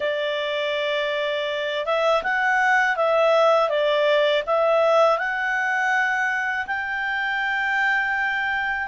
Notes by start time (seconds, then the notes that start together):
0.00 D5
1.85 E5
2.23 F#5
2.96 E5
3.69 D5
4.46 E5
5.18 F#5
6.66 G5